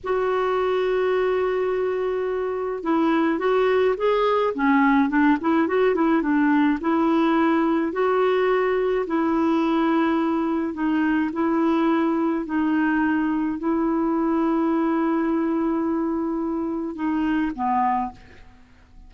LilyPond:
\new Staff \with { instrumentName = "clarinet" } { \time 4/4 \tempo 4 = 106 fis'1~ | fis'4 e'4 fis'4 gis'4 | cis'4 d'8 e'8 fis'8 e'8 d'4 | e'2 fis'2 |
e'2. dis'4 | e'2 dis'2 | e'1~ | e'2 dis'4 b4 | }